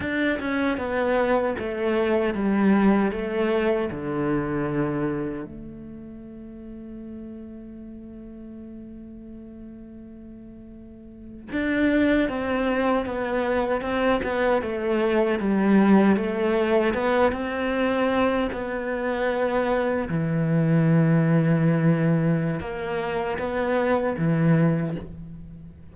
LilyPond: \new Staff \with { instrumentName = "cello" } { \time 4/4 \tempo 4 = 77 d'8 cis'8 b4 a4 g4 | a4 d2 a4~ | a1~ | a2~ a8. d'4 c'16~ |
c'8. b4 c'8 b8 a4 g16~ | g8. a4 b8 c'4. b16~ | b4.~ b16 e2~ e16~ | e4 ais4 b4 e4 | }